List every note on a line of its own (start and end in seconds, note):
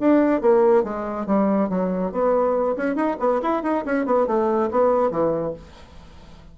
0.00 0.41 D4
0.41 0.84 A#3
0.84 1.26 G#3
1.26 1.69 G3
1.69 2.12 F#3
2.12 2.77 B3
2.77 2.96 C#4
2.96 3.17 D#4
3.20 3.41 B3
3.42 3.63 E4
3.63 3.84 D#4
3.85 4.06 C#4
4.06 4.27 B3
4.27 4.70 A3
4.71 5.11 B3
5.11 5.54 E3